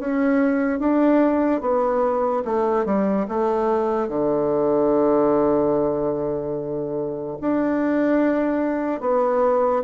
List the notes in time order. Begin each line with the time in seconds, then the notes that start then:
0.00 C#4
0.80 D4
1.61 B3
2.45 A3
2.86 G3
3.28 A3
4.09 D3
7.41 D4
9.01 B3